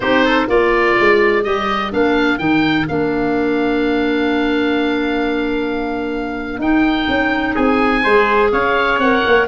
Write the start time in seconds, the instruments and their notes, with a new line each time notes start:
0.00 tuba C4, clarinet D#4, trumpet G4, oboe C5
0.24 trumpet A4
0.46 tuba A#3, clarinet F4, trumpet A#4, oboe D5
0.99 tuba G#3
1.43 tuba G3, clarinet G4, oboe D#5
1.91 tuba A#3, clarinet D4, oboe F5
2.38 tuba D#3, clarinet D#4, oboe G5
2.88 tuba A#3, clarinet D4, oboe F5
6.58 tuba D#4, clarinet D#4, oboe G5
7.08 tuba C#4
7.54 tuba C4, trumpet G#4, oboe G#5
8.03 tuba G#3, clarinet G#4, trumpet C5
8.52 tuba C#4, trumpet C#5, oboe F5
8.98 tuba C4, clarinet A#4, oboe F#5
9.26 tuba A#3